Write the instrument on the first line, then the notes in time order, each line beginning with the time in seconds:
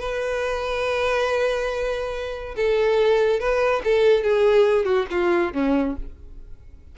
violin
0.00 B4
2.57 A4
3.40 B4
3.85 A4
4.24 G#4
4.85 F#4
5.11 F4
5.54 C#4